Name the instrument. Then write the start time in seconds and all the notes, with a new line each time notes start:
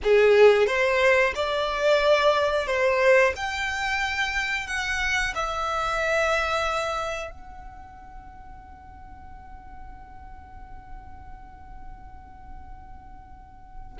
violin
0.03 G#4
0.67 C5
1.35 D5
2.66 C5
3.35 G5
4.67 F#5
5.35 E5
7.31 F#5